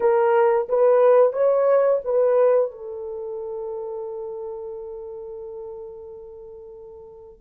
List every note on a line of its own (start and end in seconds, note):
0.00 0.67 A#4
0.69 1.33 B4
1.33 2.00 C#5
2.04 2.71 B4
2.71 7.40 A4